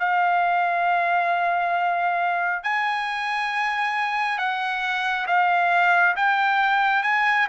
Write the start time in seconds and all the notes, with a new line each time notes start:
0.00 F5
2.64 G#5
4.38 F#5
5.27 F5
6.16 G5
7.03 G#5